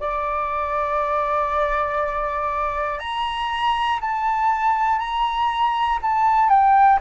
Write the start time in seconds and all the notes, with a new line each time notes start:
0.00 D5
2.99 A#5
4.00 A5
4.98 A#5
6.02 A5
6.49 G5